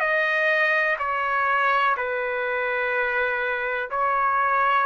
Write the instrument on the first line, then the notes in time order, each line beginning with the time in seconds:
trumpet
0.00 D#5
0.99 C#5
1.97 B4
3.91 C#5